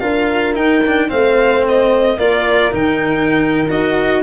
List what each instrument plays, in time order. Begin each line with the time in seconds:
0.00 tuba D4, cello F4, horn A#4, violin F5
0.54 cello D#4, tuba D#4, violin G5
0.87 cello D4
1.09 tuba A3, cello C4, horn C5, violin F5
1.69 violin D#5
2.18 tuba A#3, cello F4, horn A#4, violin D5
2.72 tuba D#3, cello D#4, violin G5
3.69 tuba D#4, cello F#4, violin D#5